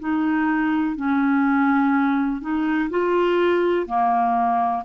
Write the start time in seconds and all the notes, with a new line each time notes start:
0.00 D#4
0.96 C#4
2.41 D#4
2.90 F4
3.87 A#3